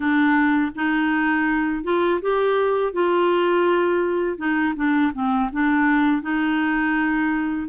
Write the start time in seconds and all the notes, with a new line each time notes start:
0.00 D4
0.75 D#4
1.83 F4
2.21 G4
2.92 F4
4.37 D#4
4.76 D4
5.13 C4
5.52 D4
6.22 D#4